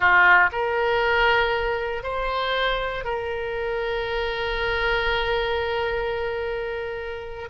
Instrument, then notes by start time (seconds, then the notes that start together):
oboe
0.00 F4
0.52 A#4
2.03 C5
3.04 A#4